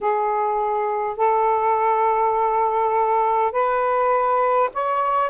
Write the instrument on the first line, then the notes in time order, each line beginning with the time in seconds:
saxophone
0.01 G#4
1.17 A4
3.52 B4
4.73 C#5